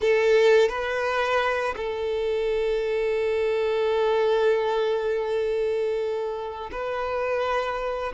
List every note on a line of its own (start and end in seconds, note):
0.00 0.69 A4
0.69 1.75 B4
1.76 6.70 A4
6.71 8.12 B4